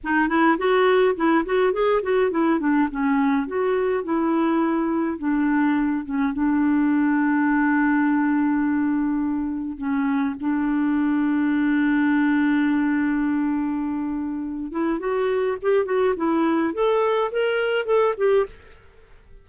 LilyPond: \new Staff \with { instrumentName = "clarinet" } { \time 4/4 \tempo 4 = 104 dis'8 e'8 fis'4 e'8 fis'8 gis'8 fis'8 | e'8 d'8 cis'4 fis'4 e'4~ | e'4 d'4. cis'8 d'4~ | d'1~ |
d'4 cis'4 d'2~ | d'1~ | d'4. e'8 fis'4 g'8 fis'8 | e'4 a'4 ais'4 a'8 g'8 | }